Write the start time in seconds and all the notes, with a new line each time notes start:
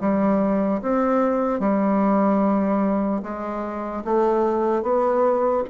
0.00 G3
0.82 C4
1.60 G3
3.22 G#3
4.04 A3
4.82 B3